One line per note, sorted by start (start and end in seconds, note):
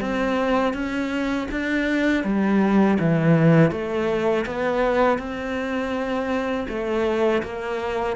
0.00 0.73 C4
0.73 1.47 C#4
1.51 2.24 D4
2.24 2.98 G3
2.99 3.71 E3
3.71 4.45 A3
4.46 5.19 B3
5.19 6.67 C4
6.68 7.42 A3
7.42 8.16 A#3